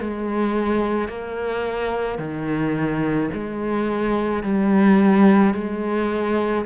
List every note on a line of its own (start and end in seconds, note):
0.00 1.09 G#3
1.09 2.19 A#3
2.19 3.30 D#3
3.34 4.43 G#3
4.43 5.54 G3
5.54 6.65 G#3